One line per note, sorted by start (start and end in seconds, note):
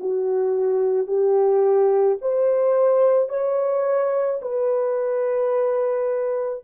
0.00 1.07 F#4
1.07 2.18 G4
2.22 3.29 C5
3.29 4.40 C#5
4.42 6.65 B4